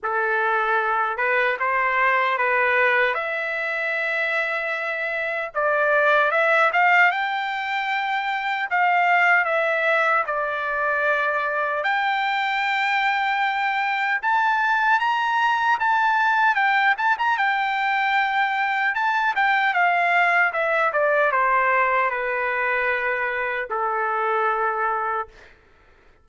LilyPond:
\new Staff \with { instrumentName = "trumpet" } { \time 4/4 \tempo 4 = 76 a'4. b'8 c''4 b'4 | e''2. d''4 | e''8 f''8 g''2 f''4 | e''4 d''2 g''4~ |
g''2 a''4 ais''4 | a''4 g''8 a''16 ais''16 g''2 | a''8 g''8 f''4 e''8 d''8 c''4 | b'2 a'2 | }